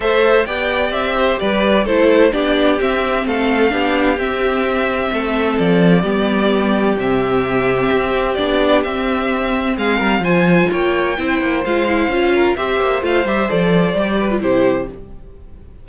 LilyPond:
<<
  \new Staff \with { instrumentName = "violin" } { \time 4/4 \tempo 4 = 129 e''4 g''4 e''4 d''4 | c''4 d''4 e''4 f''4~ | f''4 e''2. | d''2. e''4~ |
e''2 d''4 e''4~ | e''4 f''4 gis''4 g''4~ | g''4 f''2 e''4 | f''8 e''8 d''2 c''4 | }
  \new Staff \with { instrumentName = "violin" } { \time 4/4 c''4 d''4. c''8 b'4 | a'4 g'2 a'4 | g'2. a'4~ | a'4 g'2.~ |
g'1~ | g'4 gis'8 ais'8 c''4 cis''4 | c''2~ c''8 ais'8 c''4~ | c''2~ c''8 b'8 g'4 | }
  \new Staff \with { instrumentName = "viola" } { \time 4/4 a'4 g'2. | e'4 d'4 c'2 | d'4 c'2.~ | c'4 b2 c'4~ |
c'2 d'4 c'4~ | c'2 f'2 | e'4 f'8 e'8 f'4 g'4 | f'8 g'8 a'4 g'8. f'16 e'4 | }
  \new Staff \with { instrumentName = "cello" } { \time 4/4 a4 b4 c'4 g4 | a4 b4 c'4 a4 | b4 c'2 a4 | f4 g2 c4~ |
c4 c'4 b4 c'4~ | c'4 gis8 g8 f4 ais4 | c'8 ais8 gis4 cis'4 c'8 ais8 | a8 g8 f4 g4 c4 | }
>>